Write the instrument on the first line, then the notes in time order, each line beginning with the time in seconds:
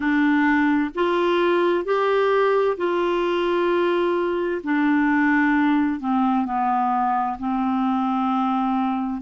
clarinet
0.00 D4
0.94 F4
1.84 G4
2.77 F4
4.63 D4
6.00 C4
6.45 B3
7.38 C4